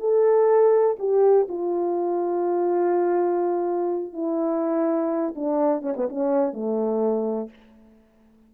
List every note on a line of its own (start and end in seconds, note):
0.00 0.97 A4
0.99 1.48 G4
1.49 4.13 F4
4.13 5.34 E4
5.36 5.82 D4
5.82 5.94 C#4
5.97 6.09 B3
6.09 6.53 C#4
6.53 7.50 A3